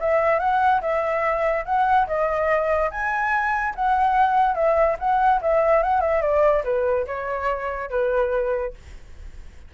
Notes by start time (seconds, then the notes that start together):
0.00 E5
0.39 F#5
0.81 E5
1.65 F#5
2.07 D#5
2.91 G#5
3.75 F#5
4.55 E5
4.99 F#5
5.42 E5
5.83 F#5
6.01 E5
6.22 D5
6.64 B4
7.07 C#5
7.90 B4